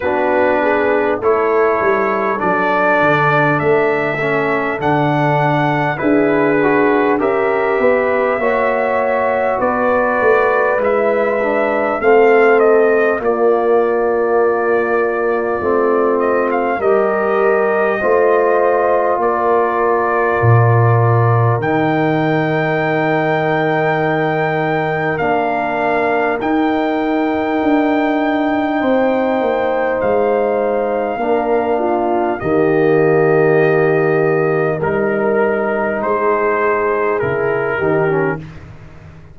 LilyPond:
<<
  \new Staff \with { instrumentName = "trumpet" } { \time 4/4 \tempo 4 = 50 b'4 cis''4 d''4 e''4 | fis''4 b'4 e''2 | d''4 e''4 f''8 dis''8 d''4~ | d''4. dis''16 f''16 dis''2 |
d''2 g''2~ | g''4 f''4 g''2~ | g''4 f''2 dis''4~ | dis''4 ais'4 c''4 ais'4 | }
  \new Staff \with { instrumentName = "horn" } { \time 4/4 fis'8 gis'8 a'2.~ | a'4 gis'4 ais'8 b'8 cis''4 | b'2 a'4 f'4~ | f'2 ais'4 c''4 |
ais'1~ | ais'1 | c''2 ais'8 f'8 g'4~ | g'4 ais'4 gis'4. g'8 | }
  \new Staff \with { instrumentName = "trombone" } { \time 4/4 d'4 e'4 d'4. cis'8 | d'4 e'8 fis'8 g'4 fis'4~ | fis'4 e'8 d'8 c'4 ais4~ | ais4 c'4 g'4 f'4~ |
f'2 dis'2~ | dis'4 d'4 dis'2~ | dis'2 d'4 ais4~ | ais4 dis'2 e'8 dis'16 cis'16 | }
  \new Staff \with { instrumentName = "tuba" } { \time 4/4 b4 a8 g8 fis8 d8 a4 | d4 d'4 cis'8 b8 ais4 | b8 a8 gis4 a4 ais4~ | ais4 a4 g4 a4 |
ais4 ais,4 dis2~ | dis4 ais4 dis'4 d'4 | c'8 ais8 gis4 ais4 dis4~ | dis4 g4 gis4 cis8 dis8 | }
>>